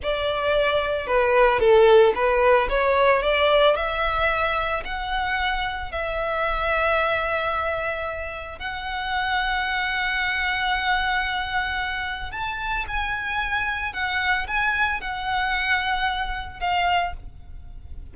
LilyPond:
\new Staff \with { instrumentName = "violin" } { \time 4/4 \tempo 4 = 112 d''2 b'4 a'4 | b'4 cis''4 d''4 e''4~ | e''4 fis''2 e''4~ | e''1 |
fis''1~ | fis''2. a''4 | gis''2 fis''4 gis''4 | fis''2. f''4 | }